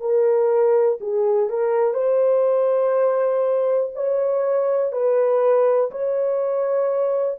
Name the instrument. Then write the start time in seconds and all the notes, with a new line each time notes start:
horn
0.00 A#4
1.01 G#4
1.49 A#4
1.94 C5
3.95 C#5
4.92 B4
5.91 C#5